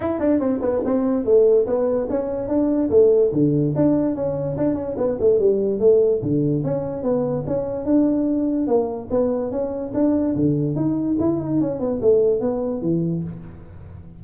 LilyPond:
\new Staff \with { instrumentName = "tuba" } { \time 4/4 \tempo 4 = 145 e'8 d'8 c'8 b8 c'4 a4 | b4 cis'4 d'4 a4 | d4 d'4 cis'4 d'8 cis'8 | b8 a8 g4 a4 d4 |
cis'4 b4 cis'4 d'4~ | d'4 ais4 b4 cis'4 | d'4 d4 dis'4 e'8 dis'8 | cis'8 b8 a4 b4 e4 | }